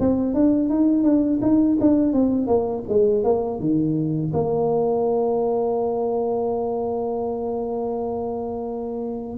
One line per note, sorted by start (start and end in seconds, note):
0.00 0.34 C4
0.34 0.69 D4
0.69 1.04 D#4
1.04 1.40 D4
1.42 1.78 D#4
1.81 2.13 D4
2.13 2.47 C4
2.47 2.83 A#3
2.88 3.24 G#3
3.24 3.59 A#3
3.59 4.32 D#3
4.33 9.37 A#3